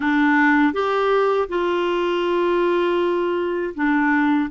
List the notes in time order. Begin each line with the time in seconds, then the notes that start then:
0.00 D4
0.73 G4
1.48 F4
3.75 D4